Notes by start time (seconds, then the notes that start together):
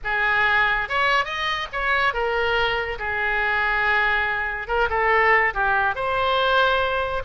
0.04 G#4
0.88 C#5
1.25 D#5
1.72 C#5
2.13 A#4
2.98 G#4
4.67 A#4
4.89 A4
5.54 G4
5.95 C5